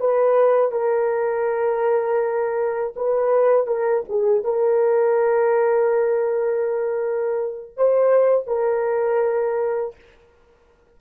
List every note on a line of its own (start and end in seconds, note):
0.00 0.72 B4
0.72 2.94 A#4
2.96 3.67 B4
3.67 4.04 A#4
4.09 4.44 G#4
4.44 7.77 A#4
7.77 8.47 C5
8.47 9.95 A#4